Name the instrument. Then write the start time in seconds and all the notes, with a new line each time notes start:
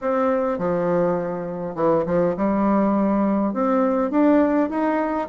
bassoon
0.01 C4
0.58 F3
1.75 E3
2.06 F3
2.37 G3
3.53 C4
4.10 D4
4.69 D#4